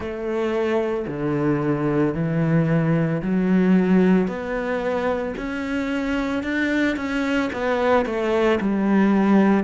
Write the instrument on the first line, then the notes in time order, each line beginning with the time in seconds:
cello
0.00 A3
1.07 D3
2.14 E3
3.21 F#3
4.27 B3
5.37 C#4
6.43 D4
6.96 C#4
7.52 B3
8.06 A3
8.60 G3